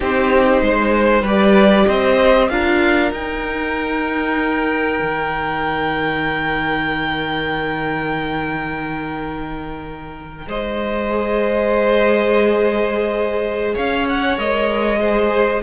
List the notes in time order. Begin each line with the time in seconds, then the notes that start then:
0.00 C4 D#4 G4 C5
0.61 G#3 C5
1.22 G3 G4 B4 D5
1.87 C4 C5 D#5
2.48 D4 F4 A#4 F5
3.11 D#4 G5
5.01 D#3
10.46 G#3 C5 D#5
11.09 G#4
13.74 C#4 C#5 F5
14.08 F#5
14.36 G#3 A#4 D#5
14.99 G#4 C5